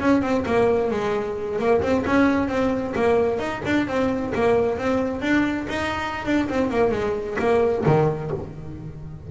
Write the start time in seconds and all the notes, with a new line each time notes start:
0.00 C#4
0.22 C4
0.46 A#3
0.91 G#3
1.59 A#3
1.82 C4
2.06 C#4
2.48 C4
2.95 A#3
3.39 D#4
3.66 D4
3.88 C4
4.35 A#3
4.79 C4
5.22 D4
5.69 D#4
6.26 D4
6.49 C4
6.71 A#3
6.92 G#3
7.39 A#3
7.86 D#3